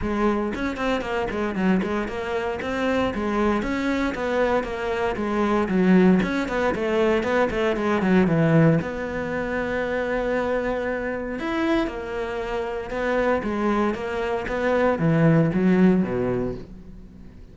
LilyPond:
\new Staff \with { instrumentName = "cello" } { \time 4/4 \tempo 4 = 116 gis4 cis'8 c'8 ais8 gis8 fis8 gis8 | ais4 c'4 gis4 cis'4 | b4 ais4 gis4 fis4 | cis'8 b8 a4 b8 a8 gis8 fis8 |
e4 b2.~ | b2 e'4 ais4~ | ais4 b4 gis4 ais4 | b4 e4 fis4 b,4 | }